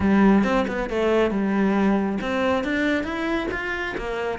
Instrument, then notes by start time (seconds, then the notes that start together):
cello
0.00 G3
0.44 C4
0.67 B3
0.89 A3
1.30 G3
2.21 C4
2.64 D4
3.03 E4
3.51 F4
3.97 A#3